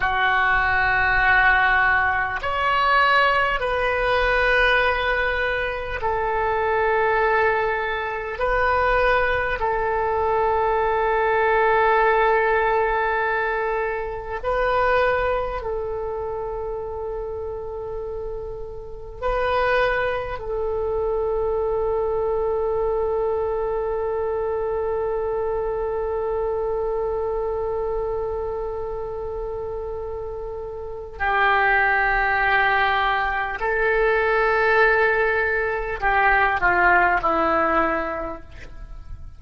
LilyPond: \new Staff \with { instrumentName = "oboe" } { \time 4/4 \tempo 4 = 50 fis'2 cis''4 b'4~ | b'4 a'2 b'4 | a'1 | b'4 a'2. |
b'4 a'2.~ | a'1~ | a'2 g'2 | a'2 g'8 f'8 e'4 | }